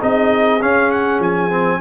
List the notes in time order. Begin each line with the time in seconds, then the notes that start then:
0.00 C4 D#4 G#4 D#5
0.61 C#4 F5
0.92 F#5
1.20 F3 G#5
1.51 C4